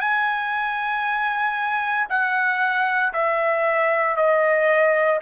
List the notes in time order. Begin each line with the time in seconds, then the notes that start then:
0.00 G#5
2.09 F#5
3.13 E5
4.17 D#5